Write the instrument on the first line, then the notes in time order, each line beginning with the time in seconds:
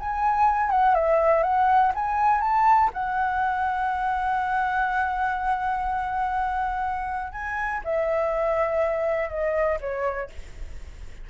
flute
0.00 G#5
0.70 F#5
0.95 E5
1.43 F#5
1.95 G#5
2.41 A5
2.94 F#5
7.33 G#5
7.85 E5
9.30 D#5
9.81 C#5